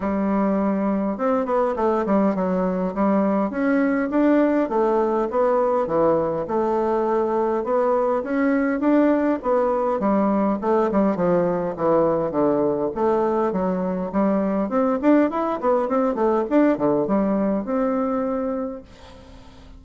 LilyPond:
\new Staff \with { instrumentName = "bassoon" } { \time 4/4 \tempo 4 = 102 g2 c'8 b8 a8 g8 | fis4 g4 cis'4 d'4 | a4 b4 e4 a4~ | a4 b4 cis'4 d'4 |
b4 g4 a8 g8 f4 | e4 d4 a4 fis4 | g4 c'8 d'8 e'8 b8 c'8 a8 | d'8 d8 g4 c'2 | }